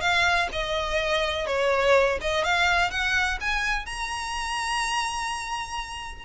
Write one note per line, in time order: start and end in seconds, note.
0.00 0.48 F5
0.52 1.46 D#5
1.46 2.18 C#5
2.21 2.44 D#5
2.44 2.90 F5
2.90 3.38 F#5
3.40 3.86 G#5
3.86 6.25 A#5